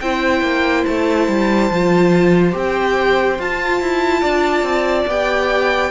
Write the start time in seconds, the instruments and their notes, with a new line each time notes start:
0.00 cello C4, viola E4, violin C5 G5
0.41 cello A#3
0.85 cello A3, violin A5
1.27 cello G3
1.70 cello F3, viola F4
2.52 cello C4, viola G4, violin G5
3.38 cello F4, viola F4, violin A5
3.81 cello E4
4.21 cello D4, violin D5
4.62 cello C4
5.07 cello B3, viola G4, violin G5